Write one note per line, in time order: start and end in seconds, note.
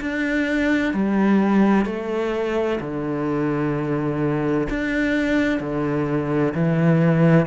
0.00 0.93 D4
0.93 1.85 G3
1.85 2.79 A3
2.80 4.67 D3
4.69 5.60 D4
5.60 6.53 D3
6.54 7.46 E3